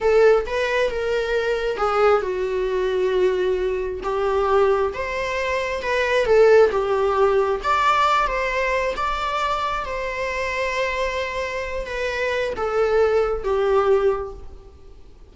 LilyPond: \new Staff \with { instrumentName = "viola" } { \time 4/4 \tempo 4 = 134 a'4 b'4 ais'2 | gis'4 fis'2.~ | fis'4 g'2 c''4~ | c''4 b'4 a'4 g'4~ |
g'4 d''4. c''4. | d''2 c''2~ | c''2~ c''8 b'4. | a'2 g'2 | }